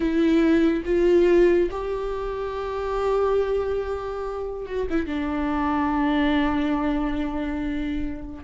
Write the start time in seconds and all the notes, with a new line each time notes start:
0.00 E4
0.85 F4
1.70 G4
4.66 F#4
4.90 E4
5.06 D4